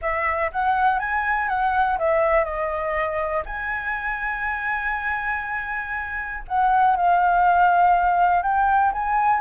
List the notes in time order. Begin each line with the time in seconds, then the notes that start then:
0.01 E5
0.52 F#5
0.99 G#5
1.48 F#5
1.98 E5
2.44 D#5
3.45 G#5
6.48 F#5
6.96 F5
8.42 G5
8.92 G#5